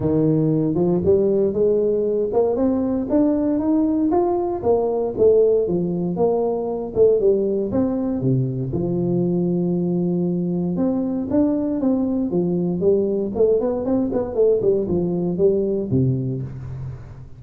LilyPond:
\new Staff \with { instrumentName = "tuba" } { \time 4/4 \tempo 4 = 117 dis4. f8 g4 gis4~ | gis8 ais8 c'4 d'4 dis'4 | f'4 ais4 a4 f4 | ais4. a8 g4 c'4 |
c4 f2.~ | f4 c'4 d'4 c'4 | f4 g4 a8 b8 c'8 b8 | a8 g8 f4 g4 c4 | }